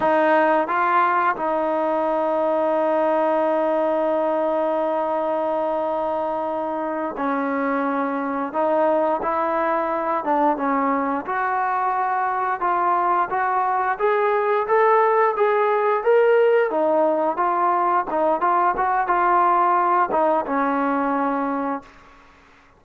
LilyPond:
\new Staff \with { instrumentName = "trombone" } { \time 4/4 \tempo 4 = 88 dis'4 f'4 dis'2~ | dis'1~ | dis'2~ dis'8 cis'4.~ | cis'8 dis'4 e'4. d'8 cis'8~ |
cis'8 fis'2 f'4 fis'8~ | fis'8 gis'4 a'4 gis'4 ais'8~ | ais'8 dis'4 f'4 dis'8 f'8 fis'8 | f'4. dis'8 cis'2 | }